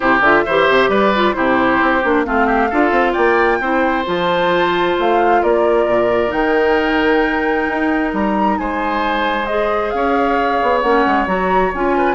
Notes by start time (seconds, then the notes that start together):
0.00 C3 E4 G4 C5
0.20 D3 F4 E5
0.45 E3 G4 C5
0.68 C3
0.88 G3 B4 D5
1.15 F4
1.33 C3 E4 G4 C5
1.81 C4
2.03 A#3 D4
2.25 A3 C4 F4 F5
2.46 G4
2.70 D4 F4 A4
2.91 C4
3.12 A#3 D5 G5
3.59 C4 E4 C5
4.05 F3 F4 A5
4.98 A3 F5
5.42 A#3 A#4 D5
5.85 A#2
6.27 D#3 D#4 G5
7.68 D#4
8.13 G3 A#5
8.58 G#3 C5 G#5
9.46 G#4 D#5
9.90 C#4 C#5 F5
10.62 B3
10.81 A#3 C#4 F#5
11.06 G#3
11.26 F#3 F#4 A#5
11.74 C#4 F4 G#5
11.97 B4